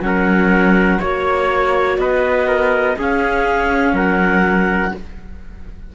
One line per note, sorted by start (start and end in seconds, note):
0.00 0.98 F#3
0.00 1.00 C#4
0.00 0.99 A#4
0.00 1.01 F#5
0.99 1.98 A#3
0.99 2.98 F#4
0.99 1.97 C#5
0.99 1.99 C#5
1.98 2.96 B3
1.98 2.48 B4
1.98 2.97 D#5
2.48 2.97 A#4
2.98 4.94 C#4
2.98 3.93 C#4
2.98 3.95 G#4
2.98 3.97 F5
3.93 4.91 F#3
3.93 4.93 A#4
3.93 4.95 F#5